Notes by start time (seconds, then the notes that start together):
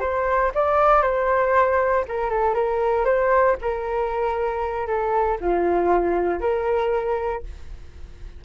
0.00 C5
0.54 D5
1.02 C5
2.08 A#4
2.29 A4
2.54 A#4
3.05 C5
3.61 A#4
4.86 A4
5.40 F4
6.40 A#4